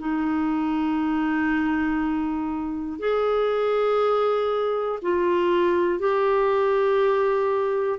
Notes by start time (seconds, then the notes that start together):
0.00 D#4
3.00 G#4
5.02 F4
6.00 G4